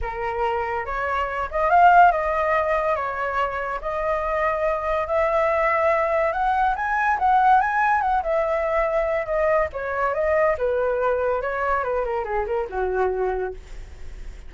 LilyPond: \new Staff \with { instrumentName = "flute" } { \time 4/4 \tempo 4 = 142 ais'2 cis''4. dis''8 | f''4 dis''2 cis''4~ | cis''4 dis''2. | e''2. fis''4 |
gis''4 fis''4 gis''4 fis''8 e''8~ | e''2 dis''4 cis''4 | dis''4 b'2 cis''4 | b'8 ais'8 gis'8 ais'8 fis'2 | }